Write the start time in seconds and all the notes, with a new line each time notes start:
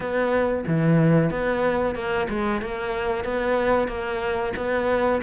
0.00 B3
0.67 E3
1.30 B3
1.95 A#3
2.29 G#3
2.61 A#3
3.24 B3
3.88 A#3
4.56 B3